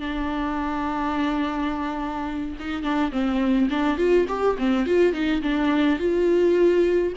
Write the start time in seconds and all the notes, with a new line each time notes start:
0.00 D4
2.60 D#4
2.83 D4
3.12 C4
3.70 D4
3.98 F4
4.29 G4
4.59 C4
4.86 F4
5.14 D#4
5.42 D4
5.99 F4